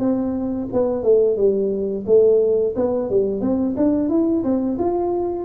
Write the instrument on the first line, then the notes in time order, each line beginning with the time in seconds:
tuba
0.00 C4
0.73 B3
1.04 A3
1.37 G3
2.07 A3
2.76 B3
3.10 G3
3.41 C4
3.77 D4
4.10 E4
4.44 C4
4.79 F4